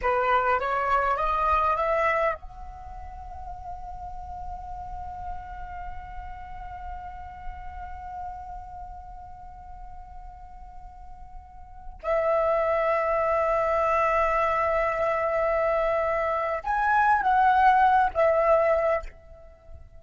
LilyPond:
\new Staff \with { instrumentName = "flute" } { \time 4/4 \tempo 4 = 101 b'4 cis''4 dis''4 e''4 | fis''1~ | fis''1~ | fis''1~ |
fis''1~ | fis''16 e''2.~ e''8.~ | e''1 | gis''4 fis''4. e''4. | }